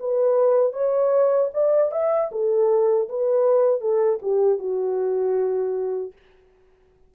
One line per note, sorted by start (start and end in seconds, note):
0.00 0.73 B4
0.73 1.50 C#5
1.54 1.92 D5
1.92 2.30 E5
2.32 3.09 A4
3.09 3.81 B4
3.81 4.20 A4
4.22 4.59 G4
4.59 6.13 F#4